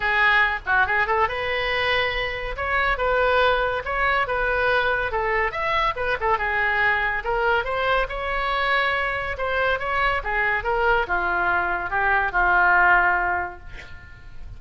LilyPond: \new Staff \with { instrumentName = "oboe" } { \time 4/4 \tempo 4 = 141 gis'4. fis'8 gis'8 a'8 b'4~ | b'2 cis''4 b'4~ | b'4 cis''4 b'2 | a'4 e''4 b'8 a'8 gis'4~ |
gis'4 ais'4 c''4 cis''4~ | cis''2 c''4 cis''4 | gis'4 ais'4 f'2 | g'4 f'2. | }